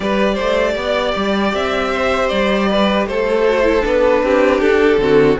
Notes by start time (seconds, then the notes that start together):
0.00 G3 G4 B4 D5
0.34 A3 C5
0.75 B3 D5
1.16 G3
1.54 C4 E5
1.92 C5
2.28 G3 D5
2.70 B4
3.06 A3 A4 C5
3.43 F#4
3.63 E4
3.81 B3 D4 B4
4.23 C4 G4
4.61 D4 A4
4.97 D3 C4 F#4